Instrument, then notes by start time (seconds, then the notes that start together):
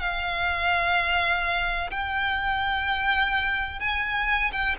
violin
0.00 F5
1.90 G5
3.80 G#5
4.52 G5